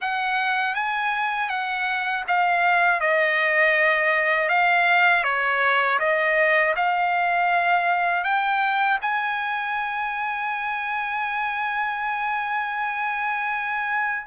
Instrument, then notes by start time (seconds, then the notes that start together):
trumpet
0.01 F#5
0.74 G#5
1.49 F#5
2.27 F5
3.00 D#5
4.48 F5
5.23 C#5
5.99 D#5
6.76 F5
8.23 G5
9.01 G#5